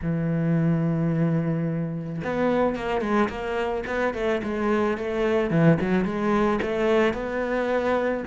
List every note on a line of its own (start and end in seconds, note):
0.02 2.22 E3
2.24 2.75 B3
2.75 3.01 A#3
3.01 3.28 G#3
3.29 3.84 A#3
3.86 4.14 B3
4.14 4.41 A3
4.43 4.97 G#3
4.97 5.50 A3
5.50 5.77 E3
5.80 6.04 F#3
6.04 6.59 G#3
6.62 7.13 A3
7.13 8.23 B3